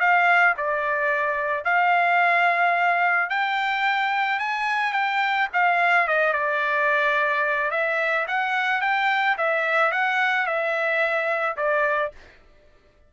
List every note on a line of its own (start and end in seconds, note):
0.00 0.55 F5
0.57 1.65 D5
1.65 3.30 F5
3.30 4.39 G5
4.39 4.93 G#5
4.93 5.48 G5
5.53 6.08 F5
6.08 6.33 D#5
6.33 7.71 D5
7.71 8.26 E5
8.28 8.81 F#5
8.81 9.37 G5
9.38 9.92 E5
9.92 10.46 F#5
10.46 11.56 E5
11.57 12.12 D5